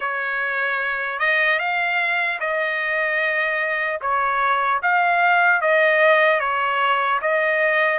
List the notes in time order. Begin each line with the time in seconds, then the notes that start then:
0.00 C#5
1.19 D#5
1.59 F5
2.40 D#5
4.01 C#5
4.82 F5
5.61 D#5
6.40 C#5
7.21 D#5